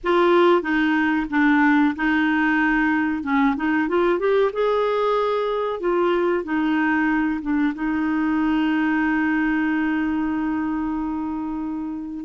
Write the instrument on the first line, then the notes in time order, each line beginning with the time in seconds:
clarinet
0.03 F4
0.62 D#4
1.30 D4
1.95 D#4
3.23 C#4
3.56 D#4
3.88 F4
4.19 G4
4.52 G#4
5.79 F4
6.43 D#4
7.41 D4
7.74 D#4